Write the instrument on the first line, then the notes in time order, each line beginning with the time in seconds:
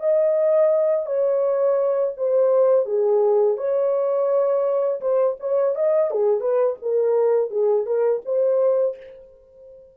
horn
0.00 D#5
1.06 C#5
2.17 C5
2.86 G#4
3.57 C#5
5.01 C5
5.40 C#5
5.75 D#5
6.11 G#4
6.41 B4
6.82 A#4
7.50 G#4
7.86 A#4
8.25 C5